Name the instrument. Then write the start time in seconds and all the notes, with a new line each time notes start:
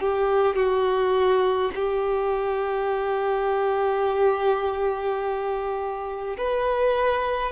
violin
0.00 G4
0.56 F#4
1.75 G4
6.37 B4